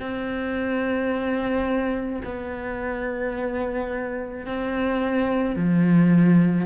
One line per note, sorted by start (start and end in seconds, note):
0.00 2.22 C4
2.25 4.46 B3
4.46 5.56 C4
5.56 6.66 F3